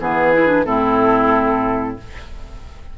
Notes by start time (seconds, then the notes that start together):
0.00 E3 B3 G#4 B4
0.33 E4
0.47 D4
0.65 A2 C4 E4 A4